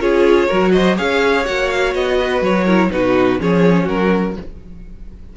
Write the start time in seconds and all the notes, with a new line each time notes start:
0.00 C#4 F4 G#4 C#5
0.48 F#3 F#4 A#4
0.72 C5 D#5
0.97 C#4 G#4 C#5 F5
1.45 A#3 F#4 F#5
1.70 F5
1.94 B3 D#5
2.19 B4
2.42 F#3 C#5
2.65 E4 A#4
2.91 B2 D#4 F#4 B4
3.39 F3 C#4 G#4 C#5
3.84 F#3 F#4 A#4